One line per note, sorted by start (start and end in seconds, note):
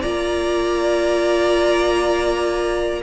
0.00 3.02 A#3
0.00 3.02 F4
0.00 3.00 D5
0.00 3.01 A#5